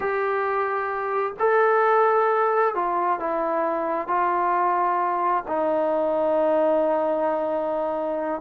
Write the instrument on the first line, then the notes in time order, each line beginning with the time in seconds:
trombone
0.00 G4
1.39 A4
2.74 F4
3.19 E4
4.07 F4
5.47 D#4